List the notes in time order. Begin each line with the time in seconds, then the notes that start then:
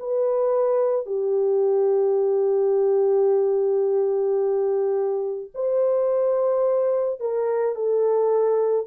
0.00 B4
1.07 G4
5.55 C5
7.20 A#4
7.76 A4